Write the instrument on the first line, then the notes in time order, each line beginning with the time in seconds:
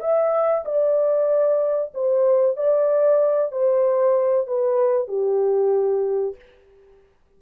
horn
0.00 E5
0.65 D5
1.94 C5
2.56 D5
3.52 C5
4.47 B4
5.07 G4